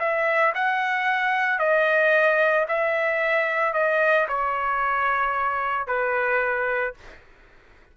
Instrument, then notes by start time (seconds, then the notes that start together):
trumpet
0.00 E5
0.55 F#5
1.59 D#5
2.69 E5
3.74 D#5
4.29 C#5
5.87 B4